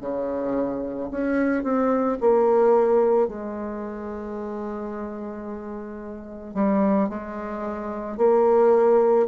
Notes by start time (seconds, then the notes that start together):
0.00 C#3
1.11 C#4
1.63 C4
2.20 A#3
3.27 G#3
6.54 G3
7.09 G#3
8.17 A#3